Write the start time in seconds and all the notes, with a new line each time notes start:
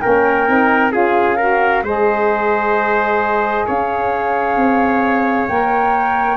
0.00 A#3 C#4 A#4 G5
0.47 C4 D#4
0.91 C#4 F4 G#4 F5
1.37 F#4 A#4
1.83 G#3 G#4 C5 D#5
3.66 C#4 C#5 F5
4.56 C4
5.48 A#3 A#4 G5